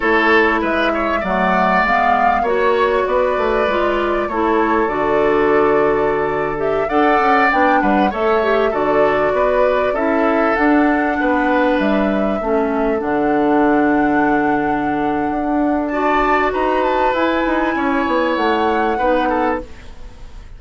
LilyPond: <<
  \new Staff \with { instrumentName = "flute" } { \time 4/4 \tempo 4 = 98 cis''4 e''4 fis''4 f''4 | cis''4 d''2 cis''4 | d''2~ d''8. e''8 fis''8.~ | fis''16 g''8 fis''8 e''4 d''4.~ d''16~ |
d''16 e''4 fis''2 e''8.~ | e''4~ e''16 fis''2~ fis''8.~ | fis''2 a''4 ais''8 a''8 | gis''2 fis''2 | }
  \new Staff \with { instrumentName = "oboe" } { \time 4/4 a'4 b'8 cis''8 d''2 | cis''4 b'2 a'4~ | a'2.~ a'16 d''8.~ | d''8. b'8 cis''4 a'4 b'8.~ |
b'16 a'2 b'4.~ b'16~ | b'16 a'2.~ a'8.~ | a'2 d''4 b'4~ | b'4 cis''2 b'8 a'8 | }
  \new Staff \with { instrumentName = "clarinet" } { \time 4/4 e'2 a4 b4 | fis'2 f'4 e'4 | fis'2~ fis'8. g'8 a'8.~ | a'16 d'4 a'8 g'8 fis'4.~ fis'16~ |
fis'16 e'4 d'2~ d'8.~ | d'16 cis'4 d'2~ d'8.~ | d'2 fis'2 | e'2. dis'4 | }
  \new Staff \with { instrumentName = "bassoon" } { \time 4/4 a4 gis4 fis4 gis4 | ais4 b8 a8 gis4 a4 | d2.~ d16 d'8 cis'16~ | cis'16 b8 g8 a4 d4 b8.~ |
b16 cis'4 d'4 b4 g8.~ | g16 a4 d2~ d8.~ | d4 d'2 dis'4 | e'8 dis'8 cis'8 b8 a4 b4 | }
>>